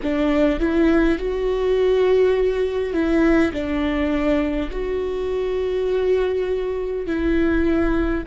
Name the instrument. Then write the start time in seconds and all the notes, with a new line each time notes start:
viola
0.02 D4
0.59 E4
1.18 F#4
2.93 E4
3.52 D4
4.71 F#4
7.06 E4